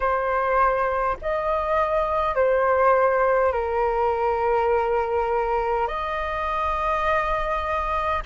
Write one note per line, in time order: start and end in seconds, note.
0.00 1.17 C5
1.21 2.35 D#5
2.35 3.52 C5
3.52 5.87 A#4
5.87 8.22 D#5